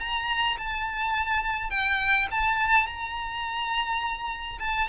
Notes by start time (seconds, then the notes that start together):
0.00 A#5
0.58 A5
1.71 G5
2.31 A5
2.87 A#5
4.60 A5